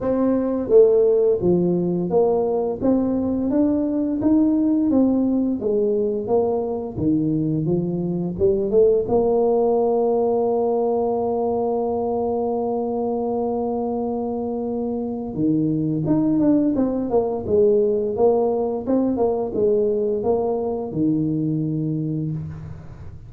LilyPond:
\new Staff \with { instrumentName = "tuba" } { \time 4/4 \tempo 4 = 86 c'4 a4 f4 ais4 | c'4 d'4 dis'4 c'4 | gis4 ais4 dis4 f4 | g8 a8 ais2.~ |
ais1~ | ais2 dis4 dis'8 d'8 | c'8 ais8 gis4 ais4 c'8 ais8 | gis4 ais4 dis2 | }